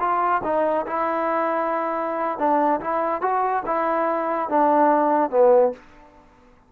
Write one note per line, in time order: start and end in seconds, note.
0.00 0.42 F4
0.44 0.86 D#4
0.87 2.39 E4
2.39 2.80 D4
2.81 3.22 E4
3.22 3.63 F#4
3.66 4.49 E4
4.49 5.30 D4
5.30 5.72 B3